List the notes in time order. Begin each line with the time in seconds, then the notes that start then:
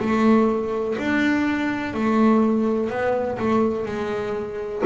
0.00 A3
0.99 D4
1.94 A3
2.90 B3
3.39 A3
3.86 G#3